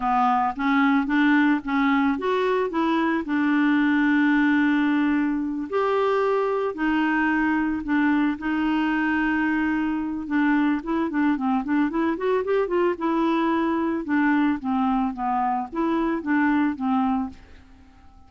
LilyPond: \new Staff \with { instrumentName = "clarinet" } { \time 4/4 \tempo 4 = 111 b4 cis'4 d'4 cis'4 | fis'4 e'4 d'2~ | d'2~ d'8 g'4.~ | g'8 dis'2 d'4 dis'8~ |
dis'2. d'4 | e'8 d'8 c'8 d'8 e'8 fis'8 g'8 f'8 | e'2 d'4 c'4 | b4 e'4 d'4 c'4 | }